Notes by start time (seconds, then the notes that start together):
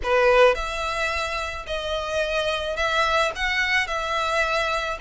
0.03 B4
0.54 E5
1.67 D#5
2.76 E5
3.35 F#5
3.87 E5